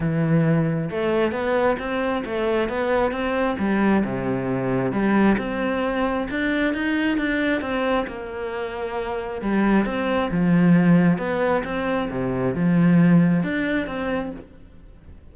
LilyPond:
\new Staff \with { instrumentName = "cello" } { \time 4/4 \tempo 4 = 134 e2 a4 b4 | c'4 a4 b4 c'4 | g4 c2 g4 | c'2 d'4 dis'4 |
d'4 c'4 ais2~ | ais4 g4 c'4 f4~ | f4 b4 c'4 c4 | f2 d'4 c'4 | }